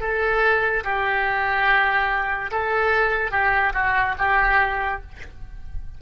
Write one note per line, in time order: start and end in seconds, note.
0.00 0.83 A4
0.84 2.50 G4
2.51 3.31 A4
3.31 3.73 G4
3.73 4.15 F#4
4.18 5.02 G4